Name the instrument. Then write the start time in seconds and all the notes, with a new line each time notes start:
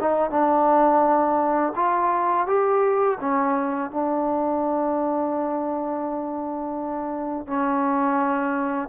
trombone
0.00 D#4
0.31 D4
1.75 F4
2.47 G4
3.20 C#4
3.91 D4
7.47 C#4